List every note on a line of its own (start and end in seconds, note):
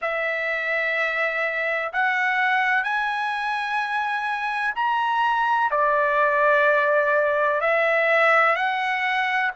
0.01 1.92 E5
1.92 2.83 F#5
2.83 4.74 G#5
4.75 5.70 A#5
5.71 7.60 D5
7.60 8.55 E5
8.55 9.51 F#5